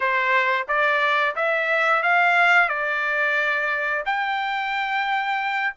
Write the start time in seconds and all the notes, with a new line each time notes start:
0.00 C5
0.67 D5
1.35 E5
2.02 F5
2.68 D5
4.05 G5